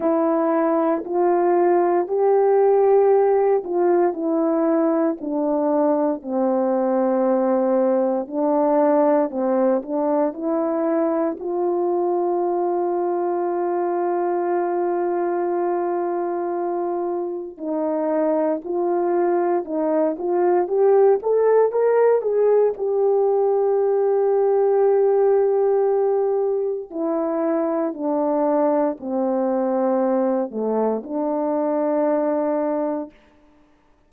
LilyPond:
\new Staff \with { instrumentName = "horn" } { \time 4/4 \tempo 4 = 58 e'4 f'4 g'4. f'8 | e'4 d'4 c'2 | d'4 c'8 d'8 e'4 f'4~ | f'1~ |
f'4 dis'4 f'4 dis'8 f'8 | g'8 a'8 ais'8 gis'8 g'2~ | g'2 e'4 d'4 | c'4. a8 d'2 | }